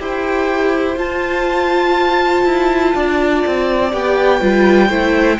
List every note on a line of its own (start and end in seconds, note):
0.00 0.97 E4
0.00 0.96 G4
0.00 2.95 C5
0.00 0.99 G5
0.96 3.91 F4
0.96 2.44 F4
0.96 3.94 A5
2.45 2.94 E4
2.95 3.44 D4
2.95 4.41 D5
3.47 3.93 C4
3.92 4.42 B3
3.92 4.41 G4
3.92 5.40 G5
4.41 4.90 G3
4.41 4.90 F4
4.41 4.89 B4
4.89 5.39 A3
4.89 5.39 E4
4.89 5.38 C5